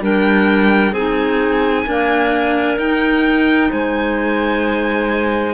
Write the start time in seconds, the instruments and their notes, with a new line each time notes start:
0.00 cello G3, clarinet D4 A#4, violin G5
0.92 cello C4, clarinet D#4 G#4, violin G#5
1.86 clarinet A#3 A#4, cello D4
2.77 clarinet D#4, cello D#4, violin G5
3.70 cello G#3, clarinet C5, violin G#5